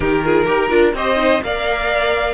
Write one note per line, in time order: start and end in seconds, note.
0.00 0.46 D#3
0.00 0.20 D#4
0.00 0.24 G4
0.00 0.94 A#4
0.24 0.46 F4
0.24 0.45 G#4
0.45 0.70 D#4
0.45 0.69 G4
0.45 0.93 A#4
0.69 0.93 D4
0.69 0.93 F4
0.93 1.41 C4
0.93 1.16 G4
0.93 1.43 C5
0.93 1.43 D#5
1.16 1.40 D#4
1.43 2.34 A#3
1.43 2.34 A#4
1.43 2.34 D5
1.43 2.34 F5